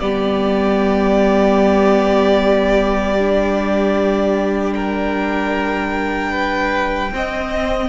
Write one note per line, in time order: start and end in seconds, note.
0.00 7.12 G3
0.00 3.17 B3
0.00 4.74 G4
0.00 4.74 D5
3.19 7.12 D4
4.74 6.32 A#4
4.74 7.89 G5
6.32 7.11 B4
7.12 7.89 C4
7.12 7.89 D#5